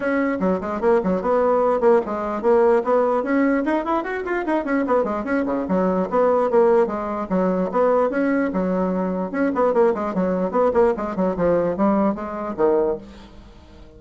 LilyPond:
\new Staff \with { instrumentName = "bassoon" } { \time 4/4 \tempo 4 = 148 cis'4 fis8 gis8 ais8 fis8 b4~ | b8 ais8 gis4 ais4 b4 | cis'4 dis'8 e'8 fis'8 f'8 dis'8 cis'8 | b8 gis8 cis'8 cis8 fis4 b4 |
ais4 gis4 fis4 b4 | cis'4 fis2 cis'8 b8 | ais8 gis8 fis4 b8 ais8 gis8 fis8 | f4 g4 gis4 dis4 | }